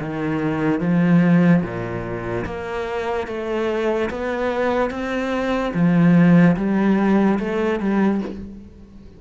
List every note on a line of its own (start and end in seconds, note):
0.00 0.80 D#3
0.80 1.63 F3
1.63 2.45 A#2
2.45 3.28 A#3
3.28 4.10 A3
4.10 4.91 B3
4.91 5.73 C4
5.74 6.56 F3
6.57 7.39 G3
7.39 7.80 A3
7.80 8.22 G3